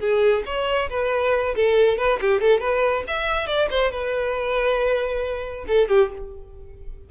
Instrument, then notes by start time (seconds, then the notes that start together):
violin
0.00 G#4
0.46 C#5
0.90 B4
1.56 A4
1.98 B4
2.21 G4
2.41 A4
2.60 B4
3.08 E5
3.47 D5
3.71 C5
3.92 B4
5.67 A4
5.89 G4